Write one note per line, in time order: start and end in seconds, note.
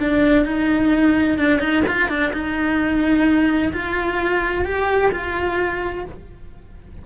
0.00 0.46 D4
0.46 1.38 D#4
1.38 1.60 D4
1.60 1.83 D#4
1.88 2.09 F4
2.09 2.32 D4
2.33 3.73 D#4
3.73 4.65 F4
4.65 5.12 G4
5.12 6.05 F4